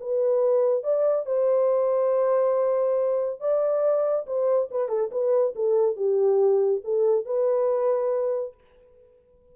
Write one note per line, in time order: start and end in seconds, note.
0.00 0.83 B4
0.83 1.26 D5
1.26 3.40 C5
3.40 4.26 D5
4.26 4.69 C5
4.71 4.89 B4
4.89 5.10 A4
5.11 5.54 B4
5.55 5.96 A4
5.96 6.82 G4
6.84 7.25 A4
7.25 8.54 B4